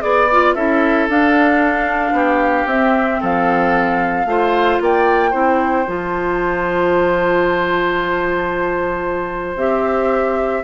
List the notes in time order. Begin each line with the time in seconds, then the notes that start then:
0.00 B3 G#4 D5
0.31 F4
0.54 C#4 E4 A4 E5
1.08 D4 F5
2.11 B3 G4
2.65 C4 E5
3.20 F3 A4 F5
4.25 A3 F4 C5
4.80 A#3 D5 G5
5.30 C4 E4 C5
5.87 F3 F4 A5
9.56 C4 G4 E5